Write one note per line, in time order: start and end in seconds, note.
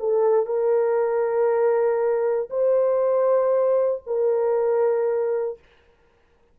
0.00 0.46 A4
0.46 2.50 A#4
2.50 4.03 C5
4.07 5.59 A#4